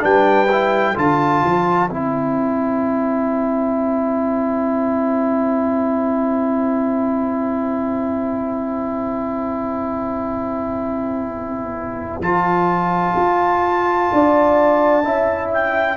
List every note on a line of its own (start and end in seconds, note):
0.00 0.97 G3
0.00 0.47 D4
0.00 0.97 B4
0.00 0.98 G5
0.52 0.95 E4
0.95 1.44 D3
0.95 1.89 F4
0.95 14.09 C5
0.95 1.91 A5
1.44 1.90 F3
1.90 12.20 C4
1.90 12.22 E4
1.90 12.22 G5
12.20 13.14 F3
12.20 15.04 F4
12.20 15.51 A5
13.16 14.10 F4
14.12 15.04 D4
14.12 15.04 D5
15.04 15.97 C#4
15.04 15.97 E4
15.04 15.97 E5
15.54 15.97 G5